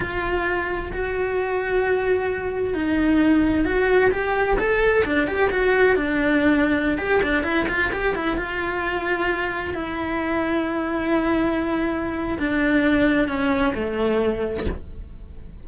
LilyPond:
\new Staff \with { instrumentName = "cello" } { \time 4/4 \tempo 4 = 131 f'2 fis'2~ | fis'2 dis'2 | fis'4 g'4 a'4 d'8 g'8 | fis'4 d'2~ d'16 g'8 d'16~ |
d'16 e'8 f'8 g'8 e'8 f'4.~ f'16~ | f'4~ f'16 e'2~ e'8.~ | e'2. d'4~ | d'4 cis'4 a2 | }